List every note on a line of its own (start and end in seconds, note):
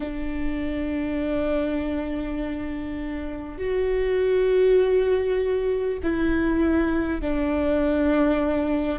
0.00 3.58 D4
3.58 5.98 F#4
6.03 7.21 E4
7.21 8.99 D4